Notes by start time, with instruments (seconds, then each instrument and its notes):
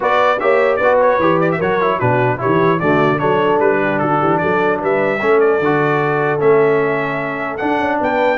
0.00 tuba B3, trombone F#4, horn B4, trumpet D5
0.39 tuba A#3, trombone G4, horn C#5, trumpet E5
0.76 tuba B3, horn B4, trumpet D5
0.83 trombone F#4
1.00 trumpet C#5
1.19 tuba E3, trombone G4
1.40 trumpet D5
1.51 trumpet E5
1.57 tuba F#3, trombone F#4, horn A#4, trumpet C#5
1.80 trombone E4
1.99 tuba B2, trombone D4, horn F#4, trumpet B4
2.37 trombone E4, horn G4, trumpet C#5
2.44 tuba E3
2.79 tuba D3, trombone A3, horn F#4, trumpet D5
3.18 tuba F#3, trombone D4, horn A4, trumpet C#5
3.59 tuba G3, trumpet B4
3.83 horn G4
3.98 tuba D3, horn F#4, trumpet A4
4.20 tuba E3, horn G4
4.37 tuba F#3, horn A4, trumpet D5
4.81 tuba G3, horn B4, trumpet E5
5.19 tuba A3, trombone C#4, horn A4
5.40 trumpet D5
5.60 tuba D3, trombone F#4
6.39 tuba A3, trombone C#4, trumpet E5
7.57 trombone D4, tuba D4, trumpet F#5
7.79 tuba C#4
8.01 tuba B3, horn B4, trumpet G5